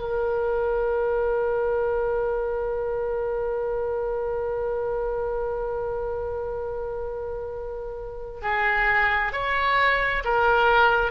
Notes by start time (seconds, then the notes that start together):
0.00 A#4
8.42 G#4
9.32 C#5
10.24 A#4